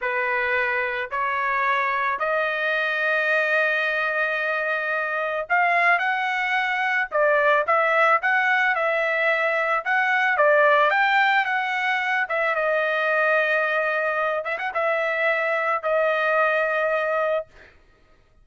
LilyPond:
\new Staff \with { instrumentName = "trumpet" } { \time 4/4 \tempo 4 = 110 b'2 cis''2 | dis''1~ | dis''2 f''4 fis''4~ | fis''4 d''4 e''4 fis''4 |
e''2 fis''4 d''4 | g''4 fis''4. e''8 dis''4~ | dis''2~ dis''8 e''16 fis''16 e''4~ | e''4 dis''2. | }